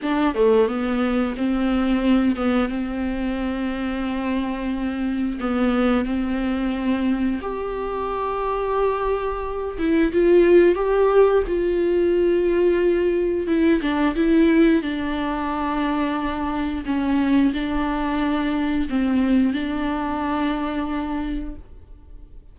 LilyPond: \new Staff \with { instrumentName = "viola" } { \time 4/4 \tempo 4 = 89 d'8 a8 b4 c'4. b8 | c'1 | b4 c'2 g'4~ | g'2~ g'8 e'8 f'4 |
g'4 f'2. | e'8 d'8 e'4 d'2~ | d'4 cis'4 d'2 | c'4 d'2. | }